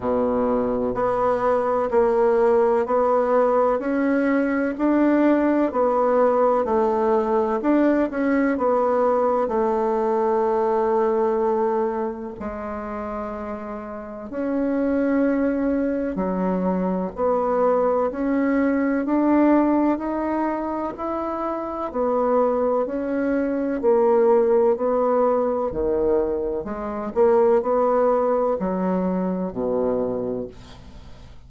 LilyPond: \new Staff \with { instrumentName = "bassoon" } { \time 4/4 \tempo 4 = 63 b,4 b4 ais4 b4 | cis'4 d'4 b4 a4 | d'8 cis'8 b4 a2~ | a4 gis2 cis'4~ |
cis'4 fis4 b4 cis'4 | d'4 dis'4 e'4 b4 | cis'4 ais4 b4 dis4 | gis8 ais8 b4 fis4 b,4 | }